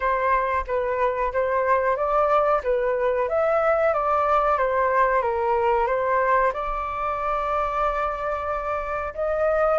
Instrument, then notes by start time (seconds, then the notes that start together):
flute
0.00 C5
0.67 B4
1.32 C5
1.96 D5
2.63 B4
3.28 E5
3.93 D5
4.57 C5
5.21 A#4
5.87 C5
6.53 D5
9.14 D#5